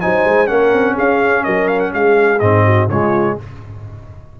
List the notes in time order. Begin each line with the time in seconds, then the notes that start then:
0.00 F#3 D#4 C5 G#5
0.24 G#3
0.46 A#3 C#4 A#4 F#5
0.73 C4
0.93 C#4 G#4 F5
1.44 F#3 A#4 D#5
1.68 F5
1.79 F#5
1.93 G#3 G#4 F5
2.39 G#2 C4 D#5
2.65 F#4
2.88 C#3 G#3 F4 C#5